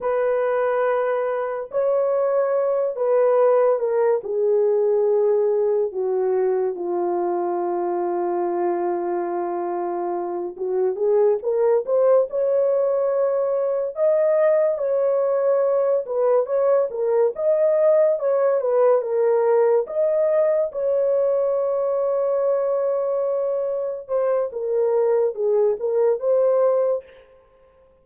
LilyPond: \new Staff \with { instrumentName = "horn" } { \time 4/4 \tempo 4 = 71 b'2 cis''4. b'8~ | b'8 ais'8 gis'2 fis'4 | f'1~ | f'8 fis'8 gis'8 ais'8 c''8 cis''4.~ |
cis''8 dis''4 cis''4. b'8 cis''8 | ais'8 dis''4 cis''8 b'8 ais'4 dis''8~ | dis''8 cis''2.~ cis''8~ | cis''8 c''8 ais'4 gis'8 ais'8 c''4 | }